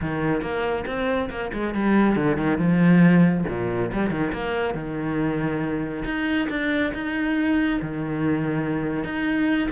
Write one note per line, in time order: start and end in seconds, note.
0.01 0.41 D#3
0.41 0.85 A#3
0.86 1.29 C4
1.29 1.51 A#3
1.53 1.74 G#3
1.74 2.16 G3
2.16 2.36 D3
2.36 2.58 D#3
2.58 3.44 F3
3.48 3.91 A#2
3.92 4.10 G3
4.10 4.32 D#3
4.33 4.74 A#3
4.74 6.04 D#3
6.05 6.48 D#4
6.49 6.92 D4
6.94 7.80 D#4
7.81 9.04 D#3
9.04 9.68 D#4